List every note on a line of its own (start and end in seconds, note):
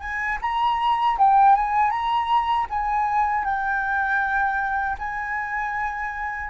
0.00 0.38 G#5
0.41 1.17 A#5
1.18 1.55 G5
1.55 1.90 G#5
1.90 2.66 A#5
2.70 3.45 G#5
3.45 4.96 G5
4.99 6.50 G#5